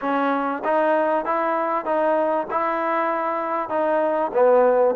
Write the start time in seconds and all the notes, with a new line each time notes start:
0.01 C#4
0.64 D#4
1.25 E4
1.85 D#4
2.50 E4
3.69 D#4
4.33 B3